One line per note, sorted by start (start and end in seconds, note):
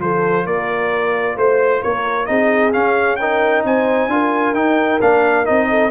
0.00 0.46 F3
0.00 2.27 F4
0.00 0.46 A4
0.00 0.47 C5
0.46 1.37 A#3
0.46 1.36 A#4
0.46 1.38 D5
1.36 1.82 A3
1.36 1.82 C5
1.36 1.83 C5
1.83 2.29 A#3
1.83 2.28 A#4
1.83 2.26 C#5
2.26 2.75 C4
2.26 2.73 D#4
2.26 3.20 G#4
2.26 2.72 D#5
2.73 3.19 C#4
2.73 3.65 C#4
2.73 3.17 F5
3.17 4.10 D#4
3.17 3.65 A#4
3.17 3.62 G5
3.65 4.08 C4
3.65 4.12 C5
3.65 4.55 G#5
4.08 4.54 D4
4.08 4.55 F4
4.08 5.70 A#4
4.54 4.99 D#4
4.54 5.01 D#4
4.54 5.00 G5
5.02 5.47 A#3
5.02 5.46 D4
5.02 5.46 F5
5.46 5.91 C4
5.46 5.91 D#4
5.46 5.91 D#5
5.70 5.91 A4